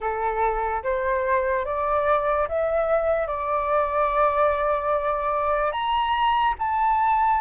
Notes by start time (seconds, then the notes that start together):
0.00 A4
0.83 C5
1.65 D5
2.48 E5
3.27 D5
5.72 A#5
6.58 A5